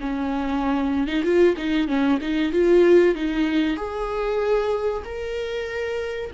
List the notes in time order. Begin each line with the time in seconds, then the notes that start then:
0.00 C#4
1.07 D#4
1.24 F4
1.57 D#4
1.87 C#4
2.21 D#4
2.52 F4
3.15 D#4
3.77 G#4
5.04 A#4